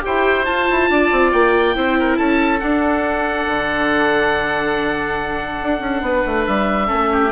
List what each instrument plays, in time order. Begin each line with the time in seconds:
0.00 viola G4, oboe C5 G5
0.06 bassoon E4
0.45 bassoon F4, viola F4, oboe A5
0.70 bassoon E4
0.89 bassoon D4, oboe D5
1.11 bassoon C4
1.32 bassoon A#3, oboe G5
1.74 bassoon C4, viola E4, oboe C5
1.99 oboe A#4
2.17 bassoon C#4, oboe A4 A5
2.60 bassoon D4, viola D4, oboe F#5
3.46 bassoon D3
5.61 bassoon D4
5.79 bassoon C#4
6.01 bassoon B3, oboe B4
6.25 bassoon A3
6.46 bassoon G3, oboe E5
6.86 bassoon A3, viola C#4, oboe A4
7.12 oboe G4